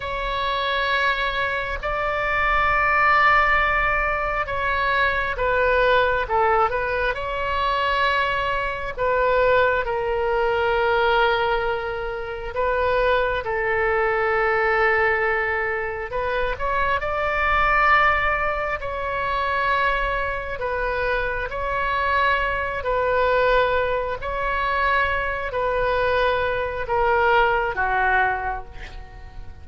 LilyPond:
\new Staff \with { instrumentName = "oboe" } { \time 4/4 \tempo 4 = 67 cis''2 d''2~ | d''4 cis''4 b'4 a'8 b'8 | cis''2 b'4 ais'4~ | ais'2 b'4 a'4~ |
a'2 b'8 cis''8 d''4~ | d''4 cis''2 b'4 | cis''4. b'4. cis''4~ | cis''8 b'4. ais'4 fis'4 | }